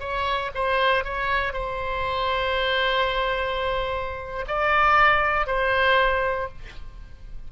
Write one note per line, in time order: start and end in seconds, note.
0.00 0.51 C#5
0.55 1.05 C5
1.05 1.53 C#5
1.53 4.46 C5
4.48 5.47 D5
5.47 6.49 C5